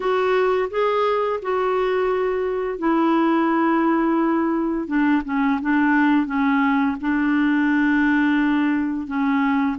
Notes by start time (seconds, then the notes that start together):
0.00 F#4
0.70 G#4
1.41 F#4
2.78 E4
4.87 D4
5.25 C#4
5.61 D4
6.26 C#4
7.00 D4
9.07 C#4